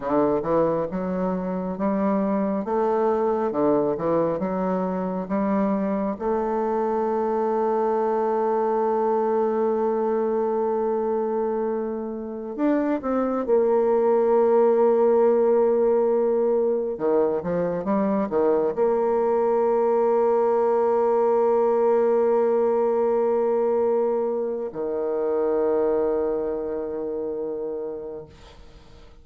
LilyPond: \new Staff \with { instrumentName = "bassoon" } { \time 4/4 \tempo 4 = 68 d8 e8 fis4 g4 a4 | d8 e8 fis4 g4 a4~ | a1~ | a2~ a16 d'8 c'8 ais8.~ |
ais2.~ ais16 dis8 f16~ | f16 g8 dis8 ais2~ ais8.~ | ais1 | dis1 | }